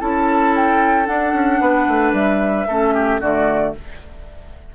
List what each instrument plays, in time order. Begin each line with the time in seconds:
0.00 bassoon C#4, clarinet E4, oboe A4, flute A5
0.56 flute G5
1.06 clarinet D4, bassoon D4, flute F#5
1.33 bassoon C#4
1.60 bassoon B3, oboe B4
1.88 bassoon A3
2.13 bassoon G3, flute E5
2.68 bassoon A3, clarinet C#4, oboe A4
2.94 oboe G4
3.20 bassoon D3, clarinet A3, oboe F#4, flute D5